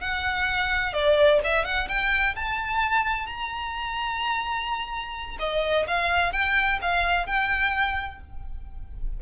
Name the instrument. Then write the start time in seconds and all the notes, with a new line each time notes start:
violin
0.00 F#5
0.93 D5
1.44 E5
1.64 F#5
1.88 G5
2.35 A5
3.26 A#5
5.39 D#5
5.87 F5
6.32 G5
6.81 F5
7.26 G5